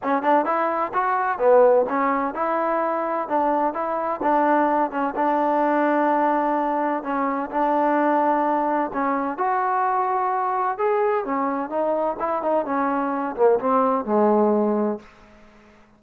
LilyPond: \new Staff \with { instrumentName = "trombone" } { \time 4/4 \tempo 4 = 128 cis'8 d'8 e'4 fis'4 b4 | cis'4 e'2 d'4 | e'4 d'4. cis'8 d'4~ | d'2. cis'4 |
d'2. cis'4 | fis'2. gis'4 | cis'4 dis'4 e'8 dis'8 cis'4~ | cis'8 ais8 c'4 gis2 | }